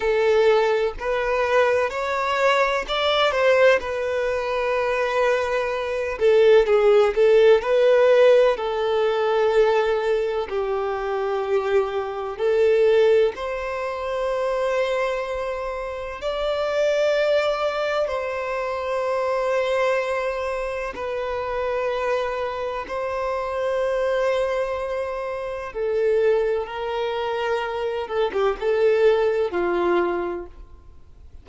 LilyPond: \new Staff \with { instrumentName = "violin" } { \time 4/4 \tempo 4 = 63 a'4 b'4 cis''4 d''8 c''8 | b'2~ b'8 a'8 gis'8 a'8 | b'4 a'2 g'4~ | g'4 a'4 c''2~ |
c''4 d''2 c''4~ | c''2 b'2 | c''2. a'4 | ais'4. a'16 g'16 a'4 f'4 | }